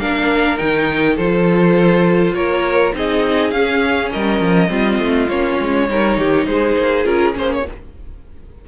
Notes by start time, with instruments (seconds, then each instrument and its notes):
0.00 cello A#3, viola D4, violin A#4 F5
0.58 cello D#3, viola D#4, violin G5
1.16 cello F3, viola F4, violin A4 C5
2.34 cello A#3, violin A#4 C#5
2.94 cello C4, viola D#4, violin G#4 D#5
3.51 cello C#4, viola C#4, violin F5
4.12 cello G3, violin A#4 D#5
4.40 cello F3
4.69 cello G3, viola C4, violin F4
5.00 cello A3
5.29 cello A#3, viola C#4, violin C#5
5.61 cello G#3
5.89 cello G3, viola D#4, violin A#4
6.18 cello D#3, violin G4
6.47 cello G#3, violin G#4 C5
6.77 cello A#3
7.05 cello C#4, viola F4, violin A#4
7.34 cello A#3, viola C#4, violin C5
7.53 violin C#5